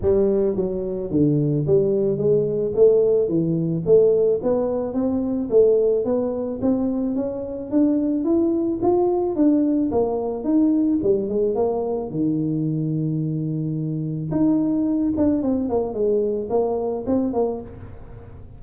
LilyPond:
\new Staff \with { instrumentName = "tuba" } { \time 4/4 \tempo 4 = 109 g4 fis4 d4 g4 | gis4 a4 e4 a4 | b4 c'4 a4 b4 | c'4 cis'4 d'4 e'4 |
f'4 d'4 ais4 dis'4 | g8 gis8 ais4 dis2~ | dis2 dis'4. d'8 | c'8 ais8 gis4 ais4 c'8 ais8 | }